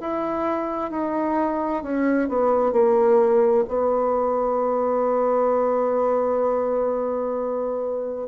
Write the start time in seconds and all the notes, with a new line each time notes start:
0.00 E4
0.91 D#4
1.83 C#4
2.29 B3
2.72 A#3
3.68 B3